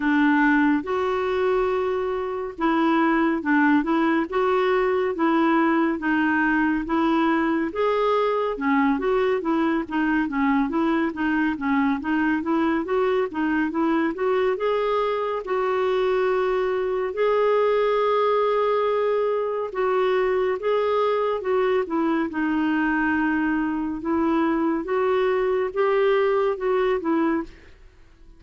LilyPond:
\new Staff \with { instrumentName = "clarinet" } { \time 4/4 \tempo 4 = 70 d'4 fis'2 e'4 | d'8 e'8 fis'4 e'4 dis'4 | e'4 gis'4 cis'8 fis'8 e'8 dis'8 | cis'8 e'8 dis'8 cis'8 dis'8 e'8 fis'8 dis'8 |
e'8 fis'8 gis'4 fis'2 | gis'2. fis'4 | gis'4 fis'8 e'8 dis'2 | e'4 fis'4 g'4 fis'8 e'8 | }